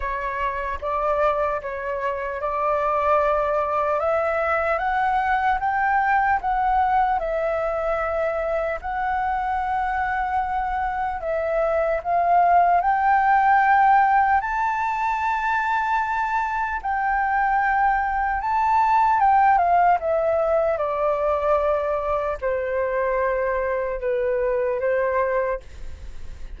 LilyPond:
\new Staff \with { instrumentName = "flute" } { \time 4/4 \tempo 4 = 75 cis''4 d''4 cis''4 d''4~ | d''4 e''4 fis''4 g''4 | fis''4 e''2 fis''4~ | fis''2 e''4 f''4 |
g''2 a''2~ | a''4 g''2 a''4 | g''8 f''8 e''4 d''2 | c''2 b'4 c''4 | }